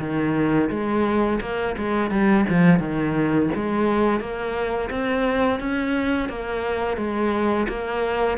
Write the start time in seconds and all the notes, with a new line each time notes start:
0.00 D#3
0.70 G#3
1.41 A#3
1.78 G#3
2.11 G3
2.50 F3
2.80 D#3
3.56 G#3
4.21 A#3
4.91 C4
5.60 C#4
6.29 A#3
6.97 G#3
7.69 A#3